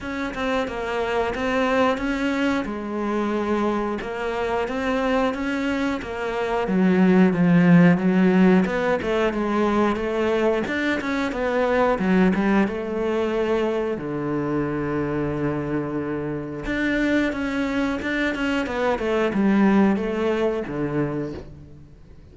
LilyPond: \new Staff \with { instrumentName = "cello" } { \time 4/4 \tempo 4 = 90 cis'8 c'8 ais4 c'4 cis'4 | gis2 ais4 c'4 | cis'4 ais4 fis4 f4 | fis4 b8 a8 gis4 a4 |
d'8 cis'8 b4 fis8 g8 a4~ | a4 d2.~ | d4 d'4 cis'4 d'8 cis'8 | b8 a8 g4 a4 d4 | }